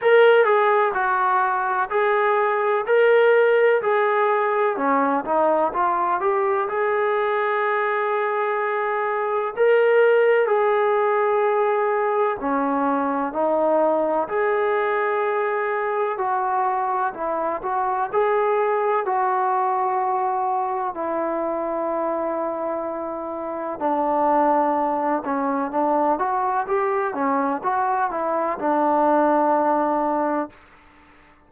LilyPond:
\new Staff \with { instrumentName = "trombone" } { \time 4/4 \tempo 4 = 63 ais'8 gis'8 fis'4 gis'4 ais'4 | gis'4 cis'8 dis'8 f'8 g'8 gis'4~ | gis'2 ais'4 gis'4~ | gis'4 cis'4 dis'4 gis'4~ |
gis'4 fis'4 e'8 fis'8 gis'4 | fis'2 e'2~ | e'4 d'4. cis'8 d'8 fis'8 | g'8 cis'8 fis'8 e'8 d'2 | }